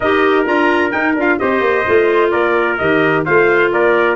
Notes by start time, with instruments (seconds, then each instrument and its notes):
0.00 tuba D#4, clarinet G4, trumpet A#4 D#5
0.45 tuba D4, clarinet F4, trumpet A#5
0.91 clarinet D#4, tuba D#4, trumpet G5
1.15 tuba D4, clarinet F4, trumpet F5
1.38 tuba C4, clarinet G4, trumpet C5 D#5
1.60 tuba A#3
1.86 tuba A3, clarinet F4
2.30 tuba A#3, trumpet A#4 D5
2.78 tuba D#3, clarinet G4, trumpet D#5
3.25 tuba A3, clarinet F4, trumpet C5 F5
3.72 tuba A#3, trumpet A#4 D5